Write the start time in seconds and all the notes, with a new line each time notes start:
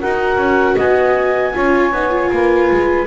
0.00 D#4 F#4 A#4 F#5
0.37 C#4
0.76 B3 D#5 G#5
1.54 C#4 F4 C#5
1.92 B3 D#4
2.10 F4
2.32 A#3 B4
2.71 G#3